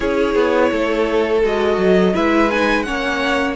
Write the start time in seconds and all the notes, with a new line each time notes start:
0.00 C#4 E4 G#4 C#5
0.35 B3
0.71 A3 A4
1.43 G#3 F#4 D#5
1.77 F#3
2.13 G#3 E4 B4 E5
2.51 D#4 G#5
2.83 A#3 C#4 C#5 F#5